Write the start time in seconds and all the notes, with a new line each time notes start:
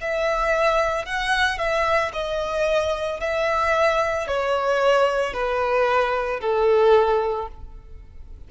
0.00 E5
1.05 F#5
1.58 E5
2.12 D#5
3.20 E5
4.27 C#5
5.33 B4
6.40 A4